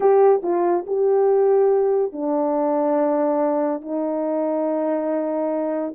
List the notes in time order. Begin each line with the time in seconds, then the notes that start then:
0.00 G4
0.42 F4
0.86 G4
2.12 D4
3.81 D#4